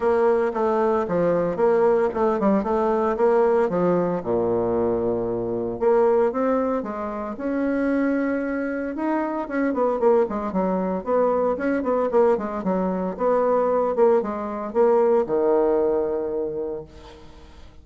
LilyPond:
\new Staff \with { instrumentName = "bassoon" } { \time 4/4 \tempo 4 = 114 ais4 a4 f4 ais4 | a8 g8 a4 ais4 f4 | ais,2. ais4 | c'4 gis4 cis'2~ |
cis'4 dis'4 cis'8 b8 ais8 gis8 | fis4 b4 cis'8 b8 ais8 gis8 | fis4 b4. ais8 gis4 | ais4 dis2. | }